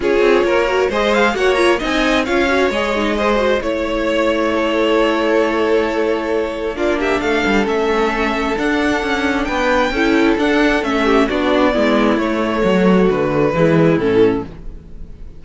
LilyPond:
<<
  \new Staff \with { instrumentName = "violin" } { \time 4/4 \tempo 4 = 133 cis''2 dis''8 f''8 fis''8 ais''8 | gis''4 f''4 dis''2 | cis''1~ | cis''2. d''8 e''8 |
f''4 e''2 fis''4~ | fis''4 g''2 fis''4 | e''4 d''2 cis''4~ | cis''4 b'2 a'4 | }
  \new Staff \with { instrumentName = "violin" } { \time 4/4 gis'4 ais'4 c''4 cis''4 | dis''4 cis''2 c''4 | cis''2 a'2~ | a'2. f'8 g'8 |
a'1~ | a'4 b'4 a'2~ | a'8 g'8 fis'4 e'2 | fis'2 e'2 | }
  \new Staff \with { instrumentName = "viola" } { \time 4/4 f'4. fis'8 gis'4 fis'8 f'8 | dis'4 f'8 fis'8 gis'8 dis'8 gis'8 fis'8 | e'1~ | e'2. d'4~ |
d'4 cis'2 d'4~ | d'2 e'4 d'4 | cis'4 d'4 b4 a4~ | a2 gis4 cis'4 | }
  \new Staff \with { instrumentName = "cello" } { \time 4/4 cis'8 c'8 ais4 gis4 ais4 | c'4 cis'4 gis2 | a1~ | a2. ais4 |
a8 g8 a2 d'4 | cis'4 b4 cis'4 d'4 | a4 b4 gis4 a4 | fis4 d4 e4 a,4 | }
>>